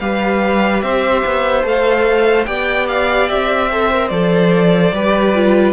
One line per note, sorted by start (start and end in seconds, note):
0.00 0.82 G3
0.00 1.63 G4
0.00 0.84 B4
0.00 0.82 F5
0.82 1.23 C4
0.82 2.47 C5
0.82 1.64 E5
1.25 1.64 B3
1.63 2.46 A3
1.63 2.45 A4
1.63 2.45 F5
2.45 3.29 B3
2.45 3.69 G4
2.45 3.70 D5
2.45 2.86 G5
2.88 3.29 F5
3.29 4.10 C4
3.29 4.08 E5
3.71 3.92 A4
3.71 4.94 C5
3.93 4.11 A#4
4.08 4.92 F3
4.08 4.93 A4
4.08 5.73 D5
4.92 5.73 G3
4.92 5.35 G4
4.92 5.73 B4
5.35 5.73 F4